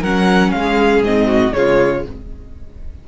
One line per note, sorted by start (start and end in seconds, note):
0.00 0.53 F#3
0.00 1.05 C#4
0.00 0.51 A#4
0.00 0.51 F#5
0.51 1.02 G#3
0.51 1.02 F5
0.57 1.28 G#4
1.02 1.53 G#2
1.02 1.53 C4
1.02 1.53 D#5
1.28 1.53 F#4
1.53 2.06 C#3
1.53 2.04 G#3
1.53 2.08 F4
1.53 2.04 C#5